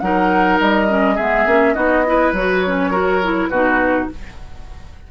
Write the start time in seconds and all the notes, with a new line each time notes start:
0.00 F#3 D#4 A#4 F#5
0.60 G3 D#5
0.88 C#4
1.15 G#3 B3 G#4 E5
1.46 A#3 C#4
1.74 B3 D#4 F#4 D#5
2.06 E4 B4
2.33 F#3 F#4 C#5
2.67 C#4
2.91 F#4 A#4
3.23 E4
3.49 B2 D#4 F#4 B4